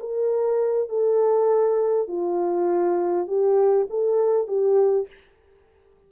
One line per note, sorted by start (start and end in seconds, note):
0.00 0.89 A#4
0.89 2.08 A4
2.08 3.28 F4
3.28 3.88 G4
3.90 4.48 A4
4.48 5.08 G4